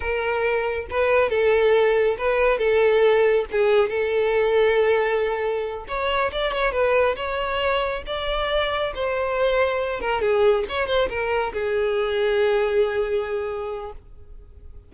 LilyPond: \new Staff \with { instrumentName = "violin" } { \time 4/4 \tempo 4 = 138 ais'2 b'4 a'4~ | a'4 b'4 a'2 | gis'4 a'2.~ | a'4. cis''4 d''8 cis''8 b'8~ |
b'8 cis''2 d''4.~ | d''8 c''2~ c''8 ais'8 gis'8~ | gis'8 cis''8 c''8 ais'4 gis'4.~ | gis'1 | }